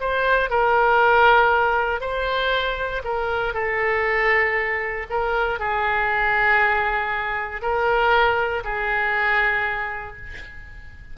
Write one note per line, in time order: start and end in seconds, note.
0.00 0.50 C5
0.50 2.00 A#4
2.00 3.02 C5
3.04 3.54 A#4
3.54 5.06 A4
5.09 5.59 A#4
5.59 7.62 G#4
7.62 8.63 A#4
8.64 10.16 G#4